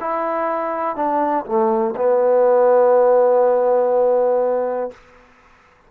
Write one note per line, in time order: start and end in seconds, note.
0.00 0.95 E4
0.95 1.44 D4
1.45 1.94 A3
1.96 4.91 B3